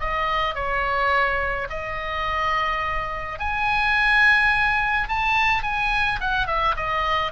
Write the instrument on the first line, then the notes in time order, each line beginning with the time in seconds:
oboe
0.00 D#5
0.55 C#5
1.70 D#5
3.39 G#5
5.09 A5
5.63 G#5
6.21 F#5
6.47 E5
6.76 D#5